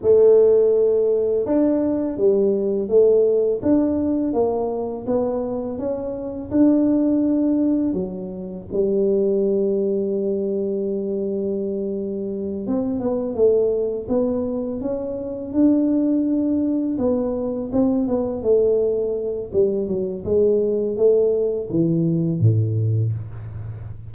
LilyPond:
\new Staff \with { instrumentName = "tuba" } { \time 4/4 \tempo 4 = 83 a2 d'4 g4 | a4 d'4 ais4 b4 | cis'4 d'2 fis4 | g1~ |
g4. c'8 b8 a4 b8~ | b8 cis'4 d'2 b8~ | b8 c'8 b8 a4. g8 fis8 | gis4 a4 e4 a,4 | }